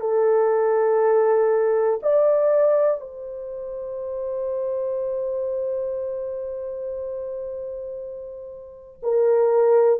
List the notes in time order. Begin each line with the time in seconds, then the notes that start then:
0.00 A4
2.02 D5
3.01 C5
9.02 A#4